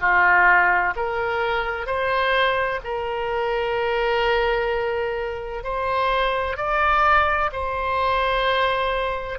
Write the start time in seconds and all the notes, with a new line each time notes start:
0.00 F4
0.95 A#4
1.86 C5
2.84 A#4
5.63 C5
6.57 D5
7.52 C5